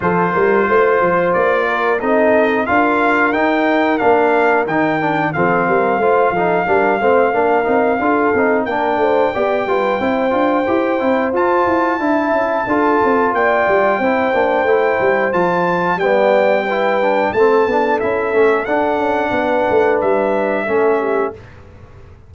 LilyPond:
<<
  \new Staff \with { instrumentName = "trumpet" } { \time 4/4 \tempo 4 = 90 c''2 d''4 dis''4 | f''4 g''4 f''4 g''4 | f''1~ | f''4 g''2.~ |
g''4 a''2. | g''2. a''4 | g''2 a''4 e''4 | fis''2 e''2 | }
  \new Staff \with { instrumentName = "horn" } { \time 4/4 a'8 ais'8 c''4. ais'8 a'4 | ais'1 | a'8 ais'8 c''8 a'8 ais'8 c''8 ais'4 | a'4 ais'8 c''8 d''8 b'8 c''4~ |
c''2 e''4 a'4 | d''4 c''2. | d''4 b'4 a'2~ | a'4 b'2 a'8 g'8 | }
  \new Staff \with { instrumentName = "trombone" } { \time 4/4 f'2. dis'4 | f'4 dis'4 d'4 dis'8 d'8 | c'4 f'8 dis'8 d'8 c'8 d'8 dis'8 | f'8 dis'8 d'4 g'8 f'8 e'8 f'8 |
g'8 e'8 f'4 e'4 f'4~ | f'4 e'8 d'8 e'4 f'4 | b4 e'8 d'8 c'8 d'8 e'8 cis'8 | d'2. cis'4 | }
  \new Staff \with { instrumentName = "tuba" } { \time 4/4 f8 g8 a8 f8 ais4 c'4 | d'4 dis'4 ais4 dis4 | f8 g8 a8 f8 g8 a8 ais8 c'8 | d'8 c'8 ais8 a8 b8 g8 c'8 d'8 |
e'8 c'8 f'8 e'8 d'8 cis'8 d'8 c'8 | ais8 g8 c'8 ais8 a8 g8 f4 | g2 a8 b8 cis'8 a8 | d'8 cis'8 b8 a8 g4 a4 | }
>>